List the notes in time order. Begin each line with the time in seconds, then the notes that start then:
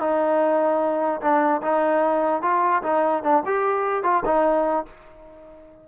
0.00 D#4
1.22 D4
1.62 D#4
2.42 F4
2.83 D#4
3.23 D4
3.46 G4
4.03 F4
4.25 D#4